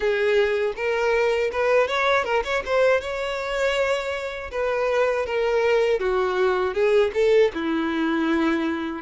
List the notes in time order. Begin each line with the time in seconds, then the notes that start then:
0.00 G#4
0.75 A#4
1.51 B4
1.87 C#5
2.24 A#4
2.44 C#5
2.65 C5
3.00 C#5
4.51 B4
5.26 A#4
5.99 F#4
6.73 G#4
7.14 A4
7.54 E4